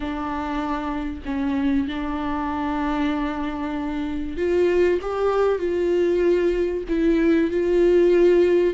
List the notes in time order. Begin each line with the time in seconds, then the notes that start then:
0.00 D4
1.25 C#4
1.87 D4
4.37 F4
5.01 G4
5.59 F4
6.88 E4
7.51 F4